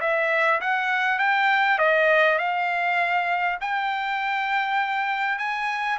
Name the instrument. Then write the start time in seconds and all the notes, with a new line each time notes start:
trumpet
0.00 E5
0.60 F#5
1.18 G5
1.78 D#5
2.38 F5
3.60 G5
5.38 G#5